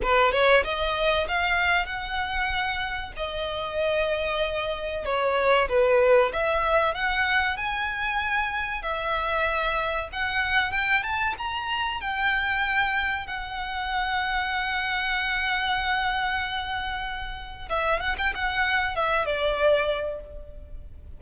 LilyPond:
\new Staff \with { instrumentName = "violin" } { \time 4/4 \tempo 4 = 95 b'8 cis''8 dis''4 f''4 fis''4~ | fis''4 dis''2. | cis''4 b'4 e''4 fis''4 | gis''2 e''2 |
fis''4 g''8 a''8 ais''4 g''4~ | g''4 fis''2.~ | fis''1 | e''8 fis''16 g''16 fis''4 e''8 d''4. | }